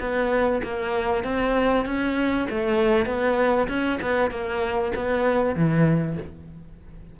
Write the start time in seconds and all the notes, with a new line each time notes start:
0.00 B3
0.64 A#3
1.24 C4
1.86 C#4
2.50 A3
3.06 B3
3.68 C#4
4.01 B3
4.30 A#3
4.95 B3
5.56 E3